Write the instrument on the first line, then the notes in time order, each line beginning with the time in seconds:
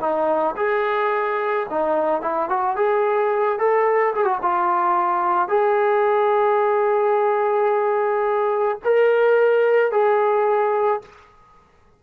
trombone
0.00 D#4
0.57 G#4
1.70 D#4
2.22 E4
2.49 F#4
2.76 G#4
3.59 A4
4.15 G#4
4.25 F#4
4.42 F4
5.49 G#4
8.84 A#4
9.92 G#4